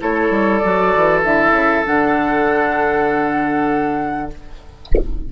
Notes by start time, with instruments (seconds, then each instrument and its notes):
0.00 bassoon A3, clarinet E4, oboe A4, flute C#5
0.30 bassoon G3
0.59 bassoon F#3, clarinet F#4, flute D5
0.96 bassoon E3
1.24 bassoon D3, clarinet E4, flute E5
1.51 bassoon C#3
1.86 bassoon D3, clarinet D4, flute F#5